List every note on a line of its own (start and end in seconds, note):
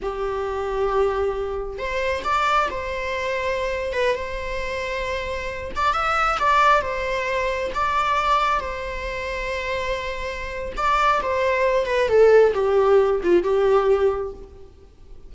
0.02 1.78 G4
1.78 2.23 C5
2.23 2.68 D5
2.70 3.92 C5
3.92 4.15 B4
4.15 5.71 C5
5.75 5.93 D5
5.93 6.37 E5
6.39 6.81 D5
6.81 7.71 C5
7.74 8.60 D5
8.60 10.72 C5
10.76 11.21 D5
11.22 11.86 C5
11.86 12.08 B4
12.08 12.53 A4
12.54 13.21 G4
13.23 13.43 F4
13.43 14.32 G4